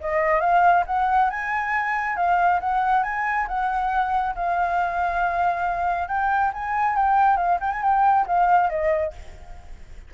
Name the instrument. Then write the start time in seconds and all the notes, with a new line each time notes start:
flute
0.00 D#5
0.40 F5
0.86 F#5
1.30 G#5
2.16 F5
2.60 F#5
3.03 G#5
3.47 F#5
4.35 F5
6.08 G5
6.53 G#5
6.96 G5
7.37 F5
7.60 G5
7.71 G#5
7.82 G5
8.26 F5
8.69 D#5